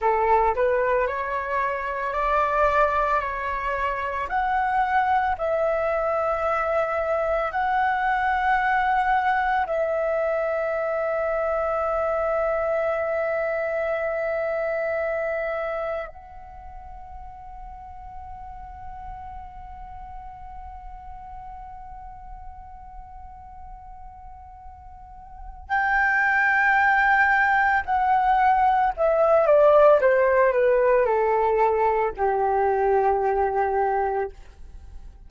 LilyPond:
\new Staff \with { instrumentName = "flute" } { \time 4/4 \tempo 4 = 56 a'8 b'8 cis''4 d''4 cis''4 | fis''4 e''2 fis''4~ | fis''4 e''2.~ | e''2. fis''4~ |
fis''1~ | fis''1 | g''2 fis''4 e''8 d''8 | c''8 b'8 a'4 g'2 | }